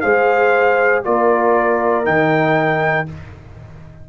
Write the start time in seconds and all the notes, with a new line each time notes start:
0.00 G#3 G#4 C5 F5
1.04 A#3 F4 A#4 D5
2.04 D#3 D#4 G5